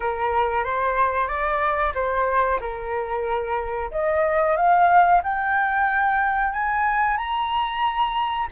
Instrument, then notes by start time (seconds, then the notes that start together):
flute
0.00 A#4
0.63 C5
1.27 D5
1.94 C5
2.60 A#4
3.91 D#5
4.56 F5
5.23 G5
6.52 G#5
7.17 A#5